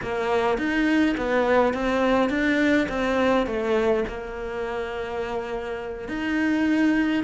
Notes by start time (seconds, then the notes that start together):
0.02 A#3
0.58 D#4
1.17 B3
1.73 C4
2.29 D4
2.88 C4
3.46 A3
4.08 A#3
6.08 D#4